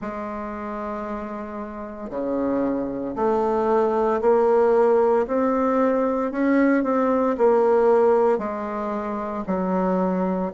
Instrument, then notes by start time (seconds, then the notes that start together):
bassoon
0.01 G#3
2.10 C#3
3.15 A3
4.21 A#3
5.27 C4
6.32 C#4
6.83 C4
7.37 A#3
8.38 G#3
9.46 F#3